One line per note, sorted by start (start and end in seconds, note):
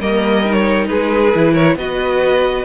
0.00 0.89 G3
0.00 0.45 A#3
0.00 0.89 A#4
0.00 0.53 D#5
0.45 1.34 D#4
0.53 0.87 C#5
0.88 1.34 G#3
0.88 1.53 G#4
0.88 1.55 B4
1.34 1.76 E3
1.34 1.78 E4
1.53 1.76 A#4
1.53 1.77 C#5
1.76 2.65 B3
1.76 2.66 F#4
1.76 2.66 B4
1.76 2.66 D#5